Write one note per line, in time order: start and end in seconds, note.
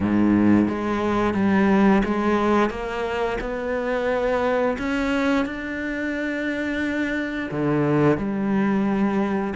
0.00 0.68 G#2
0.68 1.34 G#3
1.34 2.02 G3
2.05 2.69 G#3
2.69 3.37 A#3
3.40 4.77 B3
4.78 5.45 C#4
5.45 7.50 D4
7.51 8.17 D3
8.17 9.54 G3